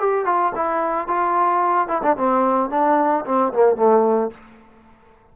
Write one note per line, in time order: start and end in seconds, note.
0.00 0.25 G4
0.25 0.53 F4
0.56 1.08 E4
1.08 1.88 F4
1.88 2.02 E4
2.03 2.16 D4
2.17 2.70 C4
2.70 3.25 D4
3.26 3.53 C4
3.53 3.76 A#3
3.76 4.31 A3